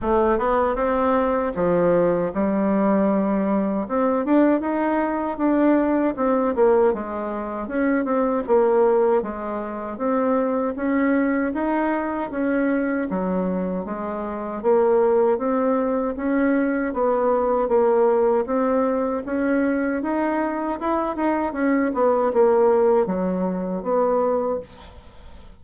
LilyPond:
\new Staff \with { instrumentName = "bassoon" } { \time 4/4 \tempo 4 = 78 a8 b8 c'4 f4 g4~ | g4 c'8 d'8 dis'4 d'4 | c'8 ais8 gis4 cis'8 c'8 ais4 | gis4 c'4 cis'4 dis'4 |
cis'4 fis4 gis4 ais4 | c'4 cis'4 b4 ais4 | c'4 cis'4 dis'4 e'8 dis'8 | cis'8 b8 ais4 fis4 b4 | }